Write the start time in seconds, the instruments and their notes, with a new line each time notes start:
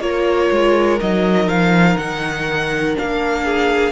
0.00 cello A#3, viola F4, violin A#4 C#5
0.52 cello G#3
1.01 cello F#3, viola D#4, violin D#5
1.48 cello F3, violin F5
1.98 cello D#3, violin F#5
2.95 cello A#3, viola D4, violin F5
3.44 violin G#4